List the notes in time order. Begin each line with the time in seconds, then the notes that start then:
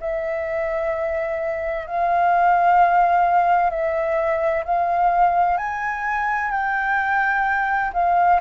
0.00 E5
1.87 F5
3.70 E5
4.64 F5
5.58 G#5
6.51 G5
7.93 F5